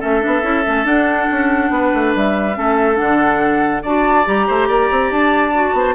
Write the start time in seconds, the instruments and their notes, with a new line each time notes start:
0.00 bassoon A3, clarinet C#4, oboe A4, flute E5
0.21 bassoon B3, clarinet D4
0.42 bassoon C#4, clarinet E4
0.66 bassoon A3, clarinet C#4
0.85 clarinet D4, bassoon D4, flute F#5
1.31 bassoon C#4
1.70 bassoon B3, oboe B4
1.94 bassoon A3
2.15 bassoon G3, flute E5
2.54 bassoon A3, clarinet C#4, oboe A4
2.95 bassoon D3, clarinet D4, flute F#5
3.83 bassoon D4, clarinet F#4, oboe D5, flute A5
4.25 bassoon G3, clarinet G4, flute A#5
4.47 bassoon A3, oboe C5
4.69 bassoon A#3, oboe D5
4.91 bassoon C4
5.11 bassoon D4, flute A5
5.53 clarinet F#4
5.73 bassoon B3, oboe C5